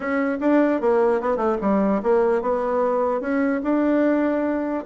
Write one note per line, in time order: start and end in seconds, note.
0.00 0.38 C#4
0.40 0.81 D4
0.81 1.20 A#3
1.20 1.36 B3
1.36 1.56 A3
1.61 2.01 G3
2.02 2.41 A#3
2.41 3.20 B3
3.20 3.61 C#4
3.63 4.83 D4